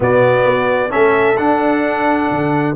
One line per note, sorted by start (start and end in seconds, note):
0.00 0.45 B2
0.00 0.89 B3
0.00 0.90 F#4
0.00 0.91 D5
0.45 0.91 B3
0.89 1.38 A3
0.89 1.35 C#4
0.89 2.74 A4
0.89 1.37 E5
1.37 2.75 D4
1.37 2.30 D4
1.37 2.75 F#5
2.31 2.76 D3